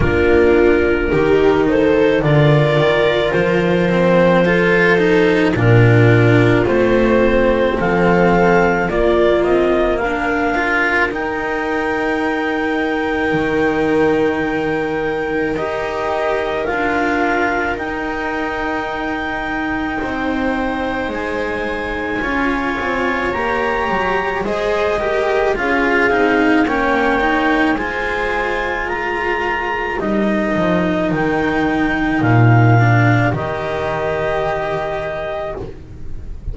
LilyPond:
<<
  \new Staff \with { instrumentName = "clarinet" } { \time 4/4 \tempo 4 = 54 ais'4. c''8 d''4 c''4~ | c''4 ais'4 c''4 f''4 | d''8 dis''8 f''4 g''2~ | g''2 dis''4 f''4 |
g''2. gis''4~ | gis''4 ais''4 dis''4 f''4 | g''4 gis''4 ais''4 dis''4 | g''4 f''4 dis''2 | }
  \new Staff \with { instrumentName = "viola" } { \time 4/4 f'4 g'8 a'8 ais'2 | a'4 f'2 a'4 | f'4 ais'2.~ | ais'1~ |
ais'2 c''2 | cis''2 c''8 ais'8 gis'4 | cis''4 c''4 ais'2~ | ais'1 | }
  \new Staff \with { instrumentName = "cello" } { \time 4/4 d'4 dis'4 f'4. c'8 | f'8 dis'8 d'4 c'2 | ais4. f'8 dis'2~ | dis'2 g'4 f'4 |
dis'1 | f'4 g'4 gis'8 g'8 f'8 dis'8 | cis'8 dis'8 f'2 dis'4~ | dis'4. d'8 g'2 | }
  \new Staff \with { instrumentName = "double bass" } { \time 4/4 ais4 dis4 d8 dis8 f4~ | f4 ais,4 a4 f4 | ais8 c'8 d'4 dis'2 | dis2 dis'4 d'4 |
dis'2 c'4 gis4 | cis'8 c'8 ais8 fis8 gis4 cis'8 c'8 | ais4 gis2 g8 f8 | dis4 ais,4 dis2 | }
>>